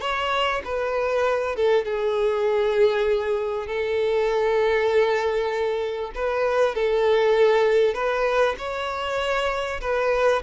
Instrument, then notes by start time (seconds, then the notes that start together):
violin
0.00 C#5
0.64 B4
1.55 A4
1.85 G#4
3.67 A4
6.15 B4
6.75 A4
7.94 B4
8.58 C#5
9.81 B4